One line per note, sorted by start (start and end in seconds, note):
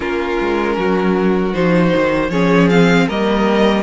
0.00 0.37 A#3
0.00 1.53 C#4
0.00 0.76 F4
0.00 1.53 A#4
0.40 0.77 G#3
0.77 1.54 F#3
0.77 2.31 F#4
1.53 1.93 F3
1.53 2.30 D#4
1.53 2.30 C5
1.96 2.29 D#3
2.29 3.06 F3
2.29 2.70 C#4
2.29 3.07 G#4
2.29 2.68 C#5
2.69 3.09 C4
2.69 3.08 F5
3.07 3.83 G3
3.07 3.83 A#3
3.07 3.83 A#4
3.07 3.83 D#5